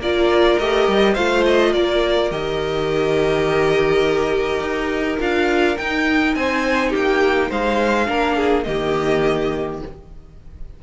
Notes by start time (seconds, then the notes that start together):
0.00 A#3 F4 A#4 D5
0.59 A3 G4 D#5
0.88 G3
1.13 A3 F4 C5 F5
1.45 D#5
1.73 A#3 A#4 D5
2.31 D#3 G4 D#5
4.61 D#4
5.19 D4 F4 F5
5.78 D#4 G5
6.35 C4 C5 G#5
6.90 A#3 G4 G5
7.50 G#3 C5 F5
8.06 A#3 D4 A#4
8.36 G#4
8.63 D#3 A#3 G4 D#5